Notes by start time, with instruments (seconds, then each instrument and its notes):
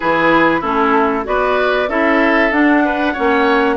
0.00 bassoon E3, clarinet E4, oboe G#4, flute B4
0.60 bassoon A3, clarinet C#4, oboe E4, flute A4
1.24 bassoon B3, clarinet F#4, oboe B4, flute D5
1.88 bassoon C#4, clarinet E4, oboe A4, flute E5
2.51 bassoon D4, clarinet D4, flute F#5
2.84 oboe B4
3.13 bassoon A#3, clarinet C#4, oboe C#5